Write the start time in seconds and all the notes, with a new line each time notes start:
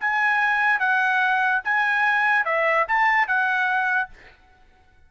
0.00 G#5
0.79 F#5
1.64 G#5
2.45 E5
2.87 A5
3.27 F#5